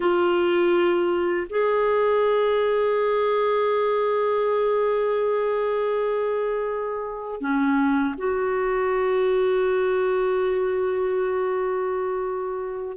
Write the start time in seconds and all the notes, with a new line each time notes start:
0.00 F4
1.49 G#4
7.40 C#4
8.17 F#4